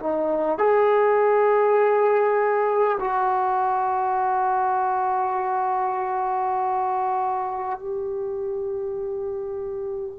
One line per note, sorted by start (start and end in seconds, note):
0.00 0.58 D#4
0.58 2.98 G#4
2.99 7.79 F#4
7.79 10.19 G4